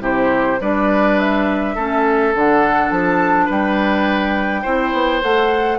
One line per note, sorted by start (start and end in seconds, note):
0.00 0.58 C3
0.00 0.58 E4
0.00 0.60 G4
0.00 0.61 C5
0.60 1.76 G3
0.60 1.77 D4
0.60 1.75 B4
0.60 1.19 D5
1.19 2.34 E5
1.75 2.34 A3
1.75 2.34 C#4
1.75 3.46 A4
2.34 2.91 D3
2.34 4.64 D4
2.34 2.90 F#5
2.90 3.48 F3
2.90 3.48 A5
3.46 4.65 G3
3.46 4.61 B4
3.46 5.23 G5
4.62 4.93 C4
4.62 5.22 E4
4.62 5.77 C5
4.93 5.22 B3
5.23 5.79 A3
5.23 5.79 A4
5.23 5.79 F#5